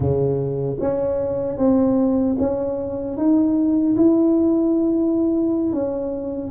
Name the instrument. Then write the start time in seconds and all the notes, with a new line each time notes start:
tuba
0.00 C#3
0.79 C#4
1.57 C4
2.38 C#4
3.17 D#4
3.96 E4
5.72 C#4